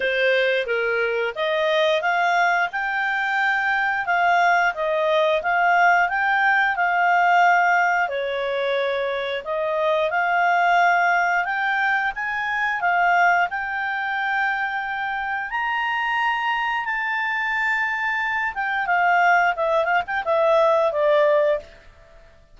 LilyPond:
\new Staff \with { instrumentName = "clarinet" } { \time 4/4 \tempo 4 = 89 c''4 ais'4 dis''4 f''4 | g''2 f''4 dis''4 | f''4 g''4 f''2 | cis''2 dis''4 f''4~ |
f''4 g''4 gis''4 f''4 | g''2. ais''4~ | ais''4 a''2~ a''8 g''8 | f''4 e''8 f''16 g''16 e''4 d''4 | }